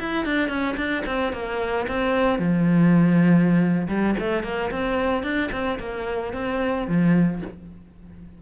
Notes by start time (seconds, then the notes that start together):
0.00 E4
0.26 D4
0.49 C#4
0.77 D4
1.06 C4
1.33 A#3
1.88 C4
2.39 F3
3.88 G3
4.20 A3
4.44 A#3
4.71 C4
5.24 D4
5.52 C4
5.80 A#3
6.34 C4
6.88 F3